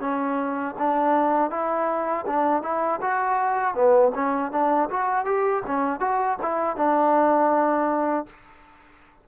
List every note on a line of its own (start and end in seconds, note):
0.00 0.75 C#4
0.78 1.50 D4
1.50 2.25 E4
2.26 2.62 D4
2.62 3.00 E4
3.01 3.75 F#4
3.75 4.12 B3
4.15 4.52 C#4
4.52 4.89 D4
4.90 5.25 F#4
5.25 5.63 G4
5.67 6.00 C#4
6.00 6.38 F#4
6.42 6.76 E4
6.76 8.26 D4